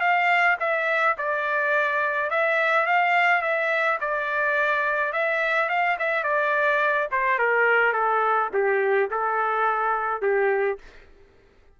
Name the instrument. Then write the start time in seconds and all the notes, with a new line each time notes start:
trumpet
0.00 F5
0.59 E5
1.18 D5
2.30 E5
2.86 F5
3.41 E5
4.00 D5
5.12 E5
5.68 F5
5.99 E5
6.23 D5
7.11 C5
7.38 A#4
7.92 A4
8.53 G4
9.10 A4
10.21 G4